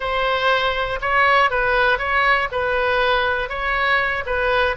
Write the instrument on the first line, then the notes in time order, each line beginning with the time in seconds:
oboe
0.00 C5
1.01 C#5
1.50 B4
1.98 C#5
2.51 B4
3.49 C#5
4.25 B4